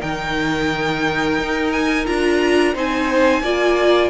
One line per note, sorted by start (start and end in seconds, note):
0.00 1.38 D#3
0.00 2.05 D#4
0.00 2.74 A#4
0.00 1.71 G5
1.38 2.07 D#4
1.72 2.06 G#5
2.06 2.75 D4
2.06 2.74 F4
2.06 2.74 A#5
2.74 3.42 C4
2.74 3.42 D#4
2.74 3.42 C5
2.74 4.10 G#5
3.42 4.10 A#3
3.42 4.10 F4
3.42 4.10 D5